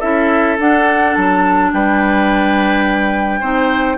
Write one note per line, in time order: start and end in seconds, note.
0.00 0.59 C#4
0.00 0.58 E4
0.00 1.70 A4
0.00 0.57 E5
0.59 3.42 D4
0.59 1.16 D4
0.59 1.15 F#5
1.15 1.73 F#3
1.15 1.71 A5
1.73 3.42 G3
1.73 3.40 B4
1.73 3.98 G5
3.40 3.98 C4
3.40 3.98 D#4
3.40 3.97 C5